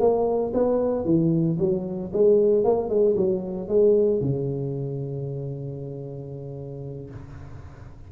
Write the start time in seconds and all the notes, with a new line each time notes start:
0.00 A#3
0.54 B3
1.05 E3
1.59 F#3
2.13 G#3
2.64 A#3
2.89 G#3
3.17 F#3
3.68 G#3
4.21 C#3